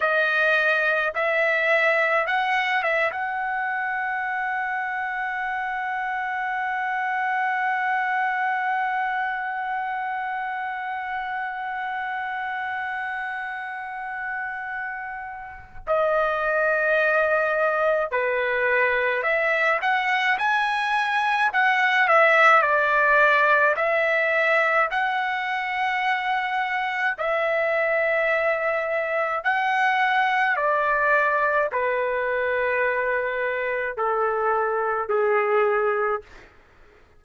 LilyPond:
\new Staff \with { instrumentName = "trumpet" } { \time 4/4 \tempo 4 = 53 dis''4 e''4 fis''8 e''16 fis''4~ fis''16~ | fis''1~ | fis''1~ | fis''2 dis''2 |
b'4 e''8 fis''8 gis''4 fis''8 e''8 | d''4 e''4 fis''2 | e''2 fis''4 d''4 | b'2 a'4 gis'4 | }